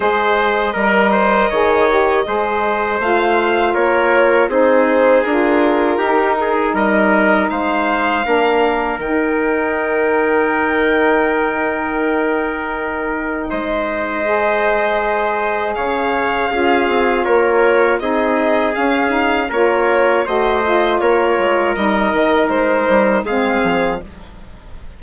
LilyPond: <<
  \new Staff \with { instrumentName = "violin" } { \time 4/4 \tempo 4 = 80 dis''1 | f''4 cis''4 c''4 ais'4~ | ais'4 dis''4 f''2 | g''1~ |
g''2 dis''2~ | dis''4 f''2 cis''4 | dis''4 f''4 cis''4 dis''4 | cis''4 dis''4 c''4 f''4 | }
  \new Staff \with { instrumentName = "trumpet" } { \time 4/4 c''4 ais'8 c''8 cis''4 c''4~ | c''4 ais'4 gis'2 | g'8 gis'8 ais'4 c''4 ais'4~ | ais'1~ |
ais'2 c''2~ | c''4 cis''4 gis'4 ais'4 | gis'2 ais'4 c''4 | ais'2. gis'4 | }
  \new Staff \with { instrumentName = "saxophone" } { \time 4/4 gis'4 ais'4 gis'8 g'8 gis'4 | f'2 dis'4 f'4 | dis'2. d'4 | dis'1~ |
dis'2. gis'4~ | gis'2 f'2 | dis'4 cis'8 dis'8 f'4 fis'8 f'8~ | f'4 dis'2 c'4 | }
  \new Staff \with { instrumentName = "bassoon" } { \time 4/4 gis4 g4 dis4 gis4 | a4 ais4 c'4 d'4 | dis'4 g4 gis4 ais4 | dis1~ |
dis2 gis2~ | gis4 cis4 cis'8 c'8 ais4 | c'4 cis'4 ais4 a4 | ais8 gis8 g8 dis8 gis8 g8 gis8 f8 | }
>>